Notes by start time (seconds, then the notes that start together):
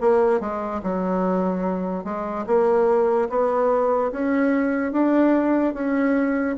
0.00 A#3
0.40 G#3
0.83 F#3
2.04 G#3
2.46 A#3
3.29 B3
4.11 C#4
4.92 D4
5.73 C#4